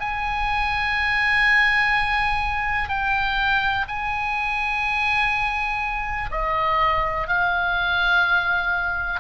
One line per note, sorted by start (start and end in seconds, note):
0.00 2.89 G#5
2.89 3.86 G5
3.88 6.30 G#5
6.31 7.28 D#5
7.28 9.20 F5